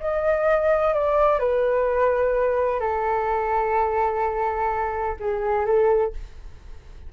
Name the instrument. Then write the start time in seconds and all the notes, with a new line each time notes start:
flute
0.00 D#5
0.94 D5
1.39 B4
2.80 A4
5.19 G#4
5.66 A4